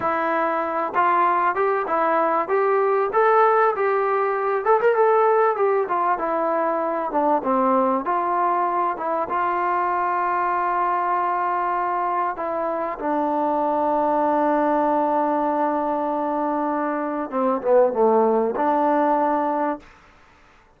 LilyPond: \new Staff \with { instrumentName = "trombone" } { \time 4/4 \tempo 4 = 97 e'4. f'4 g'8 e'4 | g'4 a'4 g'4. a'16 ais'16 | a'4 g'8 f'8 e'4. d'8 | c'4 f'4. e'8 f'4~ |
f'1 | e'4 d'2.~ | d'1 | c'8 b8 a4 d'2 | }